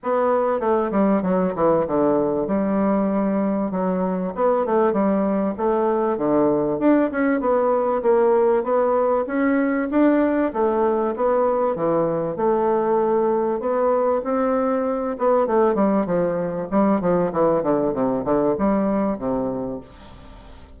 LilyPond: \new Staff \with { instrumentName = "bassoon" } { \time 4/4 \tempo 4 = 97 b4 a8 g8 fis8 e8 d4 | g2 fis4 b8 a8 | g4 a4 d4 d'8 cis'8 | b4 ais4 b4 cis'4 |
d'4 a4 b4 e4 | a2 b4 c'4~ | c'8 b8 a8 g8 f4 g8 f8 | e8 d8 c8 d8 g4 c4 | }